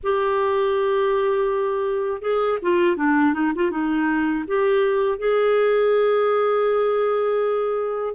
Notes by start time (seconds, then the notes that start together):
0.03 G4
2.21 G#4
2.62 F4
2.96 D4
3.33 D#4
3.55 F4
3.70 D#4
4.47 G4
5.18 G#4